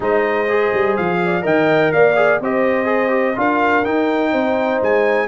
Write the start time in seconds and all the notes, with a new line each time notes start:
0.00 G#3 D#4 C5 D#5
0.49 G#4
0.73 G3
0.96 F3 F5
1.24 D5
1.41 D#3 A#4 D#5 G5
1.92 A#3 D5 F5
2.16 G#4
2.40 C4 G4 C5 D#5
2.85 G#4
3.09 G4
3.35 D4 F4 A#4 F5
3.84 D#4 G5
4.31 C4 C5
4.81 G#3 G#5